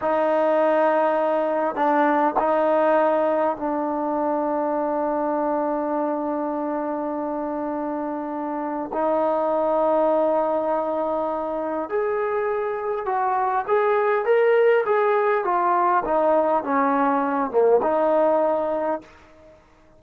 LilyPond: \new Staff \with { instrumentName = "trombone" } { \time 4/4 \tempo 4 = 101 dis'2. d'4 | dis'2 d'2~ | d'1~ | d'2. dis'4~ |
dis'1 | gis'2 fis'4 gis'4 | ais'4 gis'4 f'4 dis'4 | cis'4. ais8 dis'2 | }